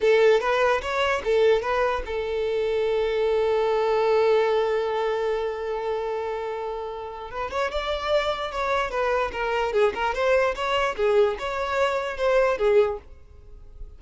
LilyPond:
\new Staff \with { instrumentName = "violin" } { \time 4/4 \tempo 4 = 148 a'4 b'4 cis''4 a'4 | b'4 a'2.~ | a'1~ | a'1~ |
a'2 b'8 cis''8 d''4~ | d''4 cis''4 b'4 ais'4 | gis'8 ais'8 c''4 cis''4 gis'4 | cis''2 c''4 gis'4 | }